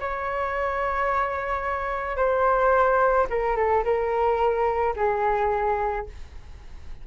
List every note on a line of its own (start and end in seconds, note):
0.00 2.16 C#5
2.16 3.26 C5
3.29 3.56 A#4
3.56 3.84 A4
3.84 4.94 A#4
4.96 6.06 G#4